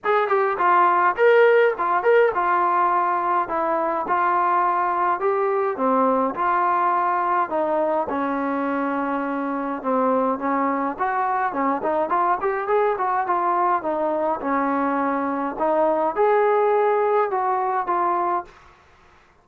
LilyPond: \new Staff \with { instrumentName = "trombone" } { \time 4/4 \tempo 4 = 104 gis'8 g'8 f'4 ais'4 f'8 ais'8 | f'2 e'4 f'4~ | f'4 g'4 c'4 f'4~ | f'4 dis'4 cis'2~ |
cis'4 c'4 cis'4 fis'4 | cis'8 dis'8 f'8 g'8 gis'8 fis'8 f'4 | dis'4 cis'2 dis'4 | gis'2 fis'4 f'4 | }